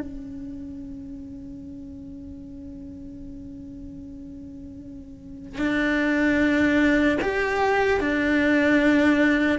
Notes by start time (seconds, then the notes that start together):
0.00 C#4
5.59 D4
7.21 G4
8.00 D4